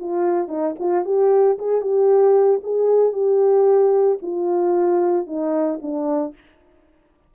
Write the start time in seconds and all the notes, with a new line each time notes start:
0.00 F4
0.49 D#4
0.80 F4
1.06 G4
1.59 G#4
1.82 G4
2.64 G#4
3.13 G4
4.22 F4
5.27 D#4
5.82 D4